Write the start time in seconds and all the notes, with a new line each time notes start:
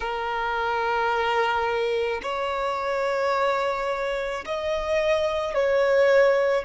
0.00 A#4
2.22 C#5
4.45 D#5
5.54 C#5